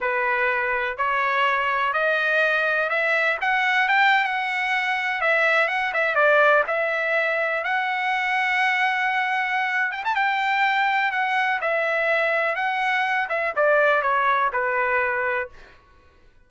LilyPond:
\new Staff \with { instrumentName = "trumpet" } { \time 4/4 \tempo 4 = 124 b'2 cis''2 | dis''2 e''4 fis''4 | g''8. fis''2 e''4 fis''16~ | fis''16 e''8 d''4 e''2 fis''16~ |
fis''1~ | fis''8 g''16 a''16 g''2 fis''4 | e''2 fis''4. e''8 | d''4 cis''4 b'2 | }